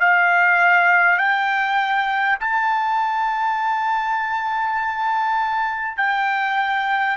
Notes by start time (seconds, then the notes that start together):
0.00 F5
1.18 G5
2.39 A5
5.97 G5